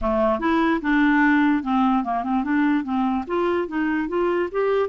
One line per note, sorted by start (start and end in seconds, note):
0.01 0.39 A3
0.39 0.80 E4
0.81 1.63 D4
1.63 2.04 C4
2.04 2.23 A#3
2.23 2.44 C4
2.44 2.83 D4
2.83 3.24 C4
3.27 3.68 F4
3.68 4.08 D#4
4.08 4.49 F4
4.51 4.89 G4